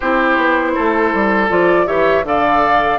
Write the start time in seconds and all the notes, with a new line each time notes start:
0.00 C4 E4 G4 C5
0.36 B3
0.74 A3 A4
1.13 G3
1.49 F3 F4 D5
1.86 E3 G4 C#5 E5
2.23 D3 A4 D5 F5